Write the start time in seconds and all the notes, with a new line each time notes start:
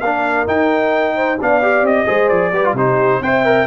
0.00 A#3 D4 A#4 F5
0.47 D#4 G5
1.16 C5
1.41 B3 D4 D5 F5
1.62 G4
1.82 C4 D#5
2.06 G#3 G#4 C5
2.29 F3 D5
2.52 G3 G4 B4
2.65 F4
2.73 C3 D#4 G4 C5
3.21 C4 C5 E5 G5
3.45 A#4